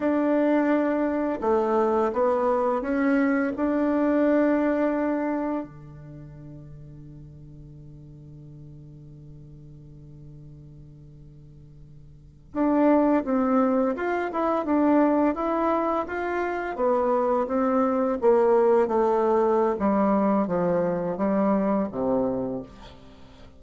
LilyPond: \new Staff \with { instrumentName = "bassoon" } { \time 4/4 \tempo 4 = 85 d'2 a4 b4 | cis'4 d'2. | d1~ | d1~ |
d4.~ d16 d'4 c'4 f'16~ | f'16 e'8 d'4 e'4 f'4 b16~ | b8. c'4 ais4 a4~ a16 | g4 f4 g4 c4 | }